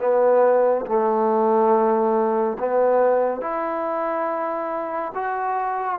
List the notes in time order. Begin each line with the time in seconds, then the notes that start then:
0.00 B3
0.86 A3
2.59 B3
3.41 E4
5.15 F#4